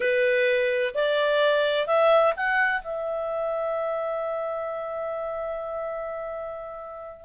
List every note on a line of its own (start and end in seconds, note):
0.00 0.94 B4
0.94 1.86 D5
1.86 2.33 E5
2.36 2.81 F#5
2.81 7.25 E5